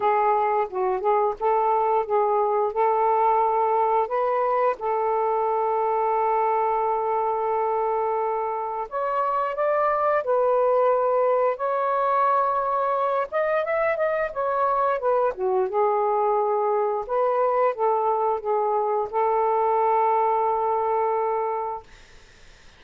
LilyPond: \new Staff \with { instrumentName = "saxophone" } { \time 4/4 \tempo 4 = 88 gis'4 fis'8 gis'8 a'4 gis'4 | a'2 b'4 a'4~ | a'1~ | a'4 cis''4 d''4 b'4~ |
b'4 cis''2~ cis''8 dis''8 | e''8 dis''8 cis''4 b'8 fis'8 gis'4~ | gis'4 b'4 a'4 gis'4 | a'1 | }